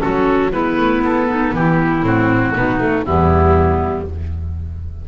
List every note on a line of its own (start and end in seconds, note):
0.00 0.52 F#3
0.00 0.50 C#4
0.00 0.51 F#4
0.00 0.51 A4
0.51 0.77 G#3
0.51 2.03 B3
0.51 1.27 E4
0.51 1.02 B4
0.77 1.01 A3
1.01 1.51 B3
1.01 1.55 A4
1.28 1.53 D#4
1.53 2.02 E3
1.53 2.54 E4
1.53 2.05 G4
2.02 2.53 A2
2.02 2.54 C4
2.02 3.04 F#4
2.54 3.06 B2
2.54 2.80 B3
2.54 3.04 D#4
2.80 3.05 A3
3.04 4.07 E2
3.04 4.08 G3
3.04 4.05 B3
3.04 4.05 E4